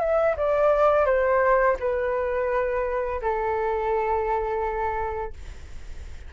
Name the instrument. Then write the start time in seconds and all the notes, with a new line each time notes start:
flute
0.00 E5
0.37 D5
1.06 C5
1.79 B4
3.21 A4